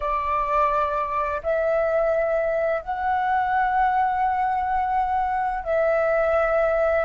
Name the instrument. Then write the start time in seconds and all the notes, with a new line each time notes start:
flute
0.00 D5
1.43 E5
2.82 F#5
5.63 E5